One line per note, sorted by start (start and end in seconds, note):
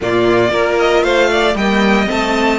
0.00 0.51 A#2
0.00 0.50 A#3
0.00 0.51 F4
0.00 0.79 D5
0.50 1.02 A#3
0.50 1.54 F4
0.50 1.03 A#4
0.79 1.03 D#5
1.02 1.54 A3
1.02 1.29 C5
1.02 1.55 F5
1.31 1.56 D5
1.55 2.07 G3
1.55 2.06 A#3
1.55 2.59 D#5
1.55 2.08 G5
2.06 2.59 A3
2.06 2.58 C4
2.06 2.59 A5